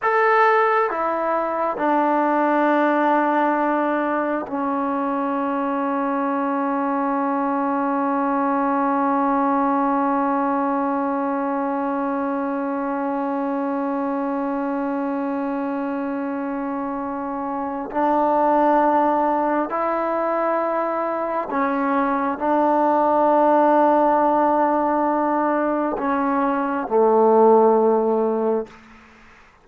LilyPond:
\new Staff \with { instrumentName = "trombone" } { \time 4/4 \tempo 4 = 67 a'4 e'4 d'2~ | d'4 cis'2.~ | cis'1~ | cis'1~ |
cis'1 | d'2 e'2 | cis'4 d'2.~ | d'4 cis'4 a2 | }